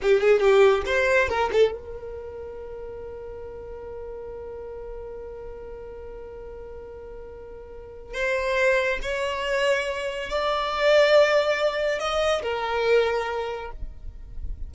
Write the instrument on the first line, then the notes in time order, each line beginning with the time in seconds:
violin
0.02 G4
0.20 G#4
0.40 G4
0.86 C5
1.29 A#4
1.52 A4
1.72 A#4
8.14 C5
9.02 C#5
10.29 D5
11.99 D#5
12.42 A#4